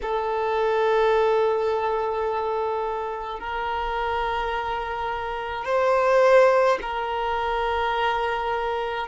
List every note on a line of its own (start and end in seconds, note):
0.02 3.39 A4
3.39 5.65 A#4
5.65 6.78 C5
6.81 9.07 A#4